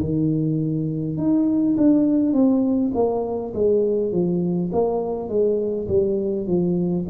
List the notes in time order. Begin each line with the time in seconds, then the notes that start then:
0.00 D#3
1.17 D#4
1.76 D4
2.32 C4
2.94 A#3
3.53 G#3
4.12 F3
4.72 A#3
5.28 G#3
5.88 G3
6.47 F3